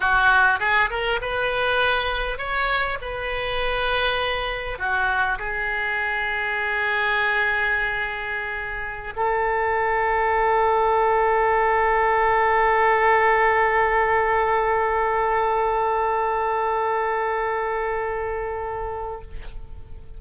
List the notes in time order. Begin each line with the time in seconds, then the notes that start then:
0.00 F#4
0.59 G#4
0.90 A#4
1.21 B4
2.38 C#5
3.01 B4
4.78 F#4
5.38 G#4
9.16 A4